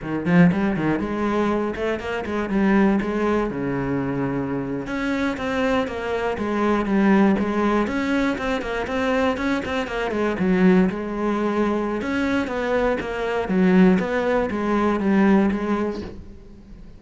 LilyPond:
\new Staff \with { instrumentName = "cello" } { \time 4/4 \tempo 4 = 120 dis8 f8 g8 dis8 gis4. a8 | ais8 gis8 g4 gis4 cis4~ | cis4.~ cis16 cis'4 c'4 ais16~ | ais8. gis4 g4 gis4 cis'16~ |
cis'8. c'8 ais8 c'4 cis'8 c'8 ais16~ | ais16 gis8 fis4 gis2~ gis16 | cis'4 b4 ais4 fis4 | b4 gis4 g4 gis4 | }